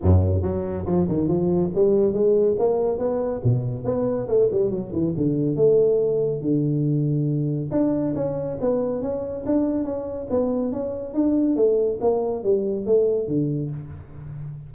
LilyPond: \new Staff \with { instrumentName = "tuba" } { \time 4/4 \tempo 4 = 140 fis,4 fis4 f8 dis8 f4 | g4 gis4 ais4 b4 | b,4 b4 a8 g8 fis8 e8 | d4 a2 d4~ |
d2 d'4 cis'4 | b4 cis'4 d'4 cis'4 | b4 cis'4 d'4 a4 | ais4 g4 a4 d4 | }